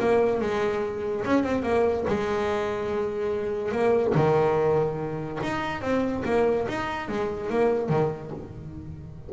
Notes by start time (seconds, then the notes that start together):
0.00 A#3
0.41 G#3
1.25 C#4
1.44 C4
1.63 A#3
2.08 G#3
3.72 A#3
4.15 D#3
5.43 D#4
5.82 C4
6.25 A#3
6.68 D#4
7.09 G#3
7.50 A#3
7.89 D#3